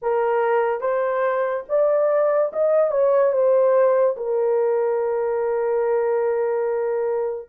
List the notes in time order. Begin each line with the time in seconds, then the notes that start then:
0.02 A#4
0.80 C5
1.68 D5
2.52 D#5
2.91 C#5
3.32 C5
4.16 A#4